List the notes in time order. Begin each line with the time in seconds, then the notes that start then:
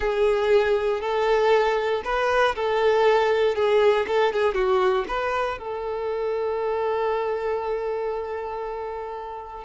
0.00 G#4
1.00 A4
2.04 B4
2.55 A4
3.55 G#4
4.07 A4
4.32 G#4
4.54 F#4
5.07 B4
5.58 A4